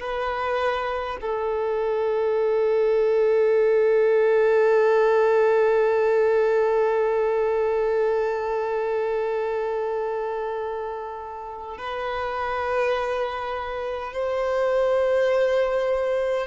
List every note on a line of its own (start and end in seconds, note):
0.00 1.18 B4
1.21 11.78 A4
11.78 14.13 B4
14.13 16.47 C5